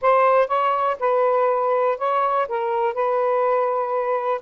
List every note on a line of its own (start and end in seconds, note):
0.01 0.47 C5
0.47 0.96 C#5
0.99 1.97 B4
1.97 2.47 C#5
2.48 2.94 A#4
2.94 4.41 B4